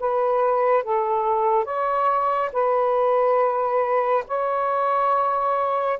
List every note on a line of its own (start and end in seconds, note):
0.00 0.84 B4
0.84 1.64 A4
1.64 2.50 C#5
2.53 4.24 B4
4.28 5.99 C#5